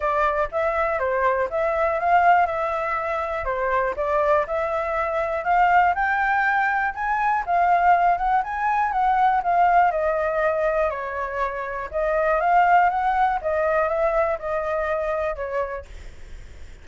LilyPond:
\new Staff \with { instrumentName = "flute" } { \time 4/4 \tempo 4 = 121 d''4 e''4 c''4 e''4 | f''4 e''2 c''4 | d''4 e''2 f''4 | g''2 gis''4 f''4~ |
f''8 fis''8 gis''4 fis''4 f''4 | dis''2 cis''2 | dis''4 f''4 fis''4 dis''4 | e''4 dis''2 cis''4 | }